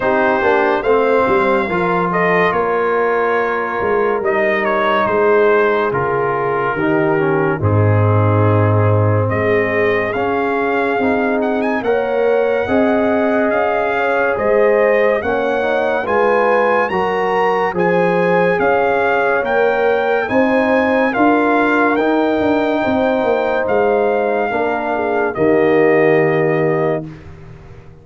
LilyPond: <<
  \new Staff \with { instrumentName = "trumpet" } { \time 4/4 \tempo 4 = 71 c''4 f''4. dis''8 cis''4~ | cis''4 dis''8 cis''8 c''4 ais'4~ | ais'4 gis'2 dis''4 | f''4. fis''16 gis''16 fis''2 |
f''4 dis''4 fis''4 gis''4 | ais''4 gis''4 f''4 g''4 | gis''4 f''4 g''2 | f''2 dis''2 | }
  \new Staff \with { instrumentName = "horn" } { \time 4/4 g'4 c''4 ais'8 a'8 ais'4~ | ais'2 gis'2 | g'4 dis'2 gis'4~ | gis'2 cis''4 dis''4~ |
dis''8 cis''8 c''4 cis''4 b'4 | ais'4 c''4 cis''2 | c''4 ais'2 c''4~ | c''4 ais'8 gis'8 g'2 | }
  \new Staff \with { instrumentName = "trombone" } { \time 4/4 dis'8 d'8 c'4 f'2~ | f'4 dis'2 f'4 | dis'8 cis'8 c'2. | cis'4 dis'4 ais'4 gis'4~ |
gis'2 cis'8 dis'8 f'4 | fis'4 gis'2 ais'4 | dis'4 f'4 dis'2~ | dis'4 d'4 ais2 | }
  \new Staff \with { instrumentName = "tuba" } { \time 4/4 c'8 ais8 a8 g8 f4 ais4~ | ais8 gis8 g4 gis4 cis4 | dis4 gis,2 gis4 | cis'4 c'4 ais4 c'4 |
cis'4 gis4 ais4 gis4 | fis4 f4 cis'4 ais4 | c'4 d'4 dis'8 d'8 c'8 ais8 | gis4 ais4 dis2 | }
>>